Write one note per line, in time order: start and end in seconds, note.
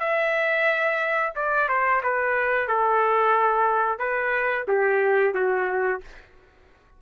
0.00 1.33 E5
1.35 1.69 D5
1.69 2.02 C5
2.03 2.68 B4
2.68 3.99 A4
3.99 4.65 B4
4.68 5.34 G4
5.34 6.01 F#4